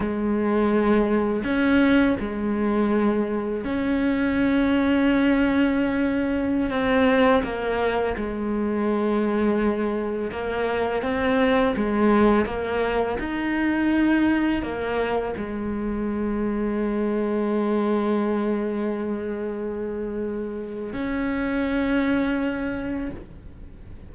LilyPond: \new Staff \with { instrumentName = "cello" } { \time 4/4 \tempo 4 = 83 gis2 cis'4 gis4~ | gis4 cis'2.~ | cis'4~ cis'16 c'4 ais4 gis8.~ | gis2~ gis16 ais4 c'8.~ |
c'16 gis4 ais4 dis'4.~ dis'16~ | dis'16 ais4 gis2~ gis8.~ | gis1~ | gis4 cis'2. | }